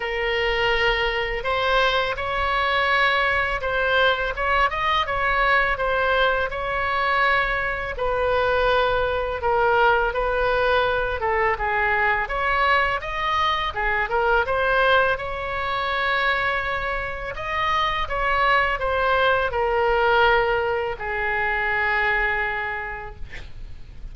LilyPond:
\new Staff \with { instrumentName = "oboe" } { \time 4/4 \tempo 4 = 83 ais'2 c''4 cis''4~ | cis''4 c''4 cis''8 dis''8 cis''4 | c''4 cis''2 b'4~ | b'4 ais'4 b'4. a'8 |
gis'4 cis''4 dis''4 gis'8 ais'8 | c''4 cis''2. | dis''4 cis''4 c''4 ais'4~ | ais'4 gis'2. | }